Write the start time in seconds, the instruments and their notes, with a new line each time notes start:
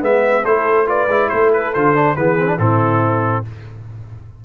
0.00 tuba G#3, trombone B3, horn B4, trumpet E5
0.45 tuba A3, trombone E4, horn A4, trumpet C5
0.87 trombone F4, horn B4, trumpet D5
1.08 tuba G#3, trombone E4
1.30 tuba A3, horn A4, trumpet C5
1.54 trumpet B4
1.74 tuba D3, trombone F4, trumpet C5
1.95 trombone D4
2.16 tuba E3, trombone B3, horn G#4, trumpet B4
2.39 trombone C4
2.47 trombone D4
2.59 tuba A2, trombone C4, horn E4, trumpet A4